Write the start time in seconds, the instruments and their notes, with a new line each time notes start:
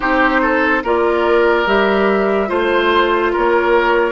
0.00 bassoon C4, clarinet D#4, oboe G4, flute C5
0.41 oboe A4
0.83 bassoon A#3, clarinet F4, oboe A#4, flute D5
1.66 bassoon G3, clarinet G4, flute E5
2.47 bassoon A3, clarinet F4, oboe C5, flute C5
3.32 bassoon A#3, oboe A#4, flute C#5